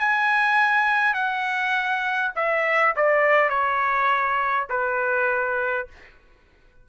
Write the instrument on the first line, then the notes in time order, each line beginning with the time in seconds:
trumpet
0.00 G#5
1.14 F#5
2.36 E5
2.96 D5
3.49 C#5
4.70 B4